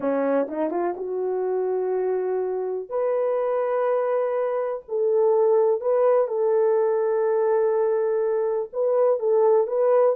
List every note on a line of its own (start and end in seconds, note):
0.00 0.47 C#4
0.48 0.70 D#4
0.70 0.94 F4
0.96 2.89 F#4
2.89 4.82 B4
4.88 5.80 A4
5.80 6.27 B4
6.27 8.69 A4
8.73 9.19 B4
9.19 9.67 A4
9.67 10.15 B4